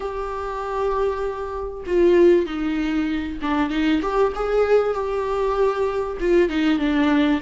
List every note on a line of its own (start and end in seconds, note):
0.00 1.83 G4
1.86 2.46 F4
2.46 3.39 D#4
3.42 3.70 D4
3.70 4.00 D#4
4.01 4.32 G4
4.35 4.93 G#4
4.93 6.17 G4
6.20 6.49 F4
6.49 6.78 D#4
6.78 7.40 D4